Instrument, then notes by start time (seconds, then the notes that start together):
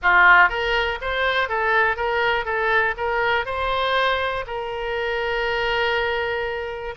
oboe
0.02 F4
0.49 A#4
1.01 C5
1.48 A4
1.96 A#4
2.45 A4
2.97 A#4
3.45 C5
4.47 A#4